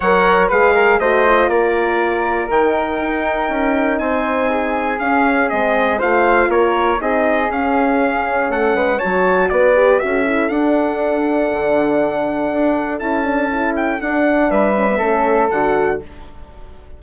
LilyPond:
<<
  \new Staff \with { instrumentName = "trumpet" } { \time 4/4 \tempo 4 = 120 fis''4 f''4 dis''4 d''4~ | d''4 g''2. | gis''2 f''4 dis''4 | f''4 cis''4 dis''4 f''4~ |
f''4 fis''4 a''4 d''4 | e''4 fis''2.~ | fis''2 a''4. g''8 | fis''4 e''2 fis''4 | }
  \new Staff \with { instrumentName = "flute" } { \time 4/4 cis''4 b'8 ais'8 c''4 ais'4~ | ais'1 | c''4 gis'2. | c''4 ais'4 gis'2~ |
gis'4 a'8 b'8 cis''4 b'4 | a'1~ | a'1~ | a'4 b'4 a'2 | }
  \new Staff \with { instrumentName = "horn" } { \time 4/4 ais'4 gis'4 fis'8 f'4.~ | f'4 dis'2.~ | dis'2 cis'4 c'4 | f'2 dis'4 cis'4~ |
cis'2 fis'4. g'8 | fis'8 e'8 d'2.~ | d'2 e'8 d'8 e'4 | d'4. cis'16 b16 cis'4 fis'4 | }
  \new Staff \with { instrumentName = "bassoon" } { \time 4/4 fis4 gis4 a4 ais4~ | ais4 dis4 dis'4 cis'4 | c'2 cis'4 gis4 | a4 ais4 c'4 cis'4~ |
cis'4 a8 gis8 fis4 b4 | cis'4 d'2 d4~ | d4 d'4 cis'2 | d'4 g4 a4 d4 | }
>>